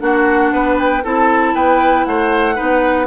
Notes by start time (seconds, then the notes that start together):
0.00 A#3 D4 F#4 F#5
0.52 B3 B4
0.79 G5
1.04 C4 E4 A4 A5
1.54 B3 B4 G5
2.05 A3 C5 F#5
2.56 B3 D#4 B4